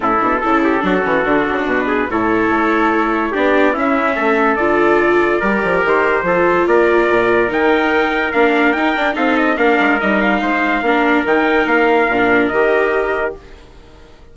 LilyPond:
<<
  \new Staff \with { instrumentName = "trumpet" } { \time 4/4 \tempo 4 = 144 a'1 | b'4 cis''2. | d''4 e''2 d''4~ | d''2 c''2 |
d''2 g''2 | f''4 g''4 f''8 dis''8 f''4 | dis''8 f''2~ f''8 g''4 | f''2 dis''2 | }
  \new Staff \with { instrumentName = "trumpet" } { \time 4/4 e'4 a'8 g'8 fis'2~ | fis'8 gis'8 a'2. | g'4 e'4 a'2~ | a'4 ais'2 a'4 |
ais'1~ | ais'2 a'4 ais'4~ | ais'4 c''4 ais'2~ | ais'1 | }
  \new Staff \with { instrumentName = "viola" } { \time 4/4 cis'8 d'8 e'4 d'8 cis'8 d'4~ | d'4 e'2. | d'4 cis'2 f'4~ | f'4 g'2 f'4~ |
f'2 dis'2 | d'4 dis'8 d'8 dis'4 d'4 | dis'2 d'4 dis'4~ | dis'4 d'4 g'2 | }
  \new Staff \with { instrumentName = "bassoon" } { \time 4/4 a,8 b,8 cis4 fis8 e8 d8 cis8 | b,4 a,4 a2 | b4 cis'4 a4 d4~ | d4 g8 f8 dis4 f4 |
ais4 ais,4 dis2 | ais4 dis'8 d'8 c'4 ais8 gis8 | g4 gis4 ais4 dis4 | ais4 ais,4 dis2 | }
>>